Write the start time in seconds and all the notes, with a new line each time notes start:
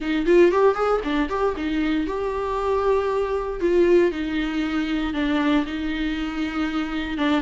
0.00 D#4
0.26 F4
0.51 G4
0.75 G#4
1.04 D4
1.29 G4
1.56 D#4
2.07 G4
3.60 F4
4.11 D#4
5.13 D4
5.65 D#4
7.17 D4